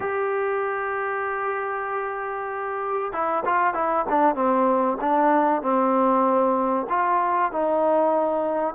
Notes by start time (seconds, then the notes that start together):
0.00 G4
3.12 E4
3.45 F4
3.73 E4
4.09 D4
4.35 C4
5.01 D4
5.61 C4
6.89 F4
7.51 D#4